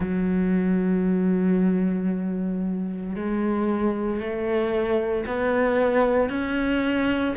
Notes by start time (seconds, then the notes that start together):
0.00 F#3
3.15 G#3
4.20 A3
5.26 B3
6.29 C#4